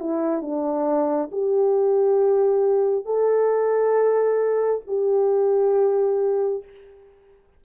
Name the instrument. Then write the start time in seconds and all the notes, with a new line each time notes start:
horn
0.00 E4
0.42 D4
1.32 G4
3.05 A4
4.87 G4